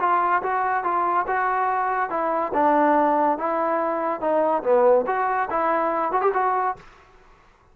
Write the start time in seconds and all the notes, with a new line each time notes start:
0.00 F4
0.43 F#4
0.84 F4
1.27 F#4
2.10 E4
2.54 D4
3.38 E4
4.21 D#4
4.63 B3
5.07 F#4
5.50 E4
6.12 F#4
6.22 G4
6.34 F#4